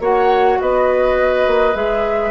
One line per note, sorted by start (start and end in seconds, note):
0.00 0.58 A#3
0.00 1.74 F#4
0.00 0.59 C#5
0.00 0.61 F#5
0.61 1.47 B3
0.61 2.32 B4
0.61 1.76 D#5
1.47 1.75 A#3
1.74 2.32 G#3
1.74 2.32 G#4
1.74 2.32 E5